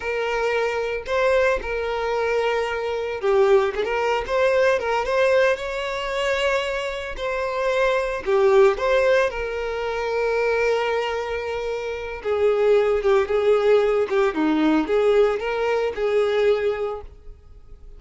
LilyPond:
\new Staff \with { instrumentName = "violin" } { \time 4/4 \tempo 4 = 113 ais'2 c''4 ais'4~ | ais'2 g'4 gis'16 ais'8. | c''4 ais'8 c''4 cis''4.~ | cis''4. c''2 g'8~ |
g'8 c''4 ais'2~ ais'8~ | ais'2. gis'4~ | gis'8 g'8 gis'4. g'8 dis'4 | gis'4 ais'4 gis'2 | }